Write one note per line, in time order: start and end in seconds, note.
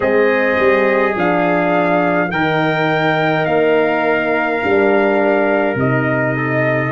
0.00 0.58 G#3
0.00 1.12 C4
0.00 2.28 G#4
0.00 1.16 D#5
0.59 1.15 G3
1.15 2.31 F3
1.15 2.31 D4
1.15 2.31 F5
2.31 3.45 D#3
2.31 4.62 D#4
2.31 6.36 A#4
2.31 3.45 G5
3.45 4.61 A#3
3.45 5.76 F5
4.62 5.74 G3
4.62 5.78 D4
5.74 6.90 C3
5.74 6.91 D#4
5.74 6.91 D#5
6.36 6.91 A4